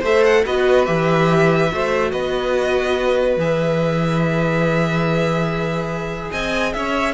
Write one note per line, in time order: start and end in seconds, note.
0.00 0.44 A3
0.00 0.46 A4
0.00 0.42 C5
0.00 0.23 E5
0.23 0.44 F#5
0.45 0.87 B3
0.45 0.85 F#4
0.45 1.72 B4
0.45 0.85 D#5
0.85 1.72 E3
0.85 1.69 G4
0.85 2.11 E5
1.71 2.12 A3
1.71 3.39 F#4
1.71 2.11 C5
2.11 3.36 B3
2.11 6.31 B4
2.11 3.37 D#5
3.36 6.30 E3
3.36 7.13 G#4
3.36 6.31 E5
6.31 6.74 C4
6.31 6.73 D#5
6.31 6.73 G#5
6.73 7.13 C#4
6.73 7.13 C#5
6.73 7.13 E5